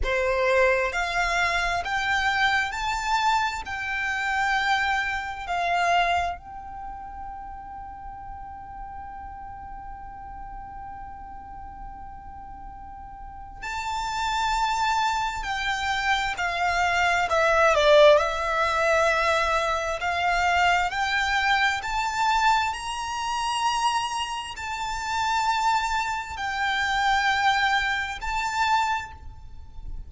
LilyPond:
\new Staff \with { instrumentName = "violin" } { \time 4/4 \tempo 4 = 66 c''4 f''4 g''4 a''4 | g''2 f''4 g''4~ | g''1~ | g''2. a''4~ |
a''4 g''4 f''4 e''8 d''8 | e''2 f''4 g''4 | a''4 ais''2 a''4~ | a''4 g''2 a''4 | }